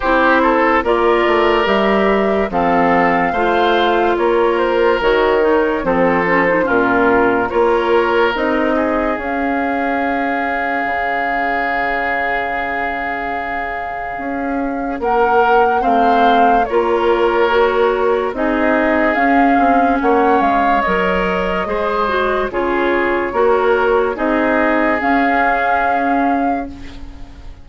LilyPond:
<<
  \new Staff \with { instrumentName = "flute" } { \time 4/4 \tempo 4 = 72 c''4 d''4 e''4 f''4~ | f''4 cis''8 c''8 cis''4 c''4 | ais'4 cis''4 dis''4 f''4~ | f''1~ |
f''2 fis''4 f''4 | cis''2 dis''4 f''4 | fis''8 f''8 dis''2 cis''4~ | cis''4 dis''4 f''2 | }
  \new Staff \with { instrumentName = "oboe" } { \time 4/4 g'8 a'8 ais'2 a'4 | c''4 ais'2 a'4 | f'4 ais'4. gis'4.~ | gis'1~ |
gis'2 ais'4 c''4 | ais'2 gis'2 | cis''2 c''4 gis'4 | ais'4 gis'2. | }
  \new Staff \with { instrumentName = "clarinet" } { \time 4/4 e'4 f'4 g'4 c'4 | f'2 fis'8 dis'8 c'8 cis'16 dis'16 | cis'4 f'4 dis'4 cis'4~ | cis'1~ |
cis'2. c'4 | f'4 fis'4 dis'4 cis'4~ | cis'4 ais'4 gis'8 fis'8 f'4 | fis'4 dis'4 cis'2 | }
  \new Staff \with { instrumentName = "bassoon" } { \time 4/4 c'4 ais8 a8 g4 f4 | a4 ais4 dis4 f4 | ais,4 ais4 c'4 cis'4~ | cis'4 cis2.~ |
cis4 cis'4 ais4 a4 | ais2 c'4 cis'8 c'8 | ais8 gis8 fis4 gis4 cis4 | ais4 c'4 cis'2 | }
>>